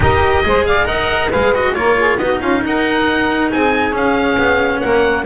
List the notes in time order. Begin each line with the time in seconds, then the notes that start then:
0.00 D#4 G4 A#4 D#5
0.43 G#3 G#4 C5
0.66 D5 F5
0.84 D#4 A#4 D#5 F#5
1.29 G#3 G#4 B4 F5
1.54 F#4 D#5
1.74 A#3 F4 A#4 C#5
1.97 G#4
2.18 B3 D#4 F#4 D#5
2.39 C#4 F4 F5
2.64 D#4 A#4 F#5
3.51 C4 G#4 G#5
3.92 C#4 F5
4.38 B3
4.80 A#3 A#4 F#5